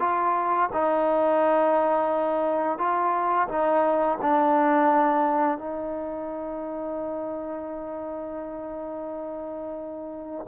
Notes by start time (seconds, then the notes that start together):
0.00 F4
0.73 D#4
2.78 F4
3.49 D#4
4.21 D4
5.58 D#4